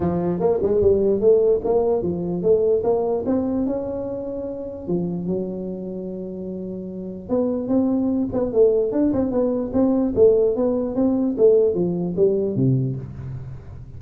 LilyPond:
\new Staff \with { instrumentName = "tuba" } { \time 4/4 \tempo 4 = 148 f4 ais8 gis8 g4 a4 | ais4 f4 a4 ais4 | c'4 cis'2. | f4 fis2.~ |
fis2 b4 c'4~ | c'8 b8 a4 d'8 c'8 b4 | c'4 a4 b4 c'4 | a4 f4 g4 c4 | }